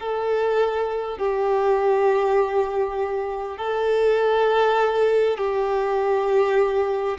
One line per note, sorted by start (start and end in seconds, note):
0.00 1.18 A4
1.18 3.58 G4
3.58 5.38 A4
5.38 7.18 G4